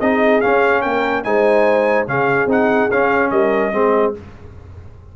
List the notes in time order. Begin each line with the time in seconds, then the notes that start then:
0.00 C4 D#4 G#4 D#5
0.41 C#4 F5
0.82 A#3 A#4 G5
1.24 G#3 D#4 C5 G#5
2.07 C#3 C#4 G#4 F5
2.46 C4 D#4 F#5
2.90 C#4 F5
3.31 G3 A#4 D#5
3.73 G#3 C4 G#4